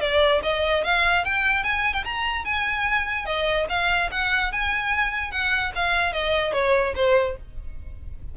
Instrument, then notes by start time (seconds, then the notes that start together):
violin
0.00 D5
0.43 D#5
0.83 F5
1.24 G5
1.63 G#5
1.93 G5
2.04 A#5
2.44 G#5
3.25 D#5
3.69 F5
4.11 F#5
4.52 G#5
5.31 F#5
5.75 F5
6.13 D#5
6.53 C#5
6.95 C5